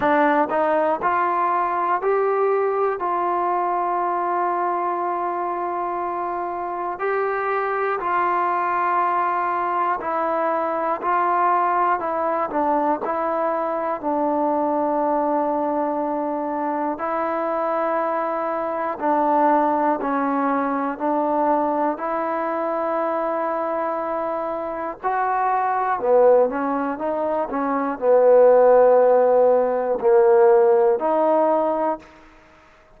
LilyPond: \new Staff \with { instrumentName = "trombone" } { \time 4/4 \tempo 4 = 60 d'8 dis'8 f'4 g'4 f'4~ | f'2. g'4 | f'2 e'4 f'4 | e'8 d'8 e'4 d'2~ |
d'4 e'2 d'4 | cis'4 d'4 e'2~ | e'4 fis'4 b8 cis'8 dis'8 cis'8 | b2 ais4 dis'4 | }